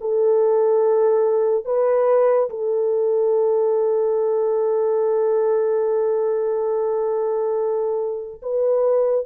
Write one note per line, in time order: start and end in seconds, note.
0.00 1.64 A4
1.64 2.49 B4
2.49 8.41 A4
8.42 9.25 B4